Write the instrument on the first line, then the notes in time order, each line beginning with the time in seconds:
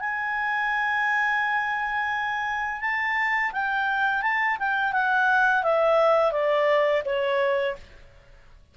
clarinet
0.00 G#5
2.81 A5
3.52 G5
4.22 A5
4.59 G5
4.93 F#5
5.63 E5
6.32 D5
7.05 C#5